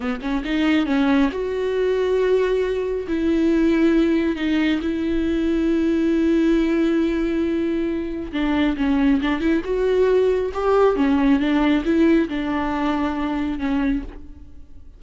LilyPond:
\new Staff \with { instrumentName = "viola" } { \time 4/4 \tempo 4 = 137 b8 cis'8 dis'4 cis'4 fis'4~ | fis'2. e'4~ | e'2 dis'4 e'4~ | e'1~ |
e'2. d'4 | cis'4 d'8 e'8 fis'2 | g'4 cis'4 d'4 e'4 | d'2. cis'4 | }